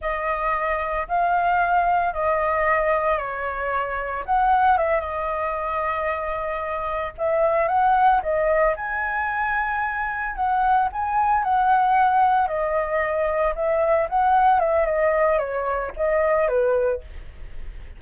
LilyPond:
\new Staff \with { instrumentName = "flute" } { \time 4/4 \tempo 4 = 113 dis''2 f''2 | dis''2 cis''2 | fis''4 e''8 dis''2~ dis''8~ | dis''4. e''4 fis''4 dis''8~ |
dis''8 gis''2. fis''8~ | fis''8 gis''4 fis''2 dis''8~ | dis''4. e''4 fis''4 e''8 | dis''4 cis''4 dis''4 b'4 | }